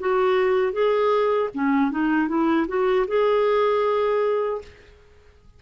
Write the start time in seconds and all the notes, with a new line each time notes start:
0.00 F#4
0.73 G#4
1.54 C#4
1.91 D#4
2.29 E4
2.68 F#4
3.08 G#4